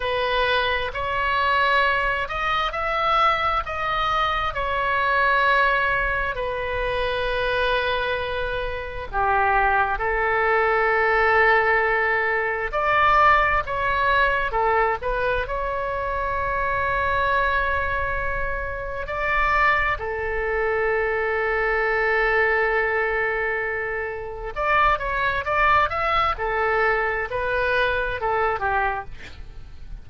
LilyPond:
\new Staff \with { instrumentName = "oboe" } { \time 4/4 \tempo 4 = 66 b'4 cis''4. dis''8 e''4 | dis''4 cis''2 b'4~ | b'2 g'4 a'4~ | a'2 d''4 cis''4 |
a'8 b'8 cis''2.~ | cis''4 d''4 a'2~ | a'2. d''8 cis''8 | d''8 e''8 a'4 b'4 a'8 g'8 | }